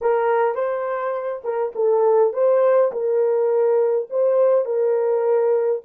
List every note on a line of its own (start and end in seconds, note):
0.01 0.54 A#4
0.54 1.42 C5
1.44 1.73 A#4
1.75 2.33 A4
2.33 2.91 C5
2.92 4.08 A#4
4.09 4.65 C5
4.65 5.81 A#4